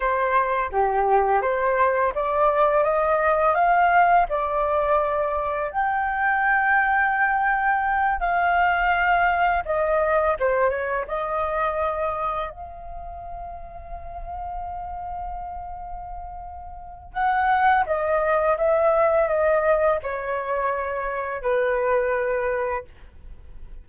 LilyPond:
\new Staff \with { instrumentName = "flute" } { \time 4/4 \tempo 4 = 84 c''4 g'4 c''4 d''4 | dis''4 f''4 d''2 | g''2.~ g''8 f''8~ | f''4. dis''4 c''8 cis''8 dis''8~ |
dis''4. f''2~ f''8~ | f''1 | fis''4 dis''4 e''4 dis''4 | cis''2 b'2 | }